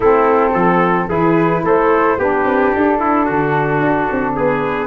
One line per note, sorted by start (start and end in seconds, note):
0.00 0.53 A3
0.00 1.08 C4
0.00 0.52 E4
0.00 1.10 A4
0.53 1.08 F3
0.53 1.08 A4
1.08 1.62 E3
1.08 2.17 E4
1.08 1.63 G#4
1.08 1.64 B4
1.63 2.17 A3
1.63 2.18 A4
1.63 2.20 C5
2.18 2.44 B3
2.18 4.87 D4
2.18 2.99 G4
2.18 2.74 B4
2.44 2.72 C4
2.74 3.29 D4
2.74 4.37 A4
2.99 3.25 E4
3.25 3.81 D3
3.25 4.34 F#4
3.81 4.08 D4
4.11 4.38 C4
4.35 4.87 B3
4.35 4.87 G#4
4.35 4.87 B4